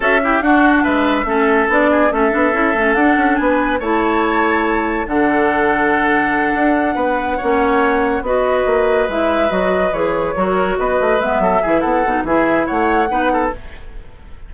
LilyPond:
<<
  \new Staff \with { instrumentName = "flute" } { \time 4/4 \tempo 4 = 142 e''4 fis''4 e''2 | d''4 e''2 fis''4 | gis''4 a''2. | fis''1~ |
fis''2.~ fis''8 dis''8~ | dis''4. e''4 dis''4 cis''8~ | cis''4. dis''4 e''4. | fis''4 e''4 fis''2 | }
  \new Staff \with { instrumentName = "oboe" } { \time 4/4 a'8 g'8 fis'4 b'4 a'4~ | a'8 gis'8 a'2. | b'4 cis''2. | a'1~ |
a'8 b'4 cis''2 b'8~ | b'1~ | b'8 ais'4 b'4. a'8 gis'8 | a'4 gis'4 cis''4 b'8 a'8 | }
  \new Staff \with { instrumentName = "clarinet" } { \time 4/4 fis'8 e'8 d'2 cis'4 | d'4 cis'8 d'8 e'8 cis'8 d'4~ | d'4 e'2. | d'1~ |
d'4. cis'2 fis'8~ | fis'4. e'4 fis'4 gis'8~ | gis'8 fis'2 b4 e'8~ | e'8 dis'8 e'2 dis'4 | }
  \new Staff \with { instrumentName = "bassoon" } { \time 4/4 cis'4 d'4 gis4 a4 | b4 a8 b8 cis'8 a8 d'8 cis'8 | b4 a2. | d2.~ d8 d'8~ |
d'8 b4 ais2 b8~ | b8 ais4 gis4 fis4 e8~ | e8 fis4 b8 a8 gis8 fis8 e8 | b8 b,8 e4 a4 b4 | }
>>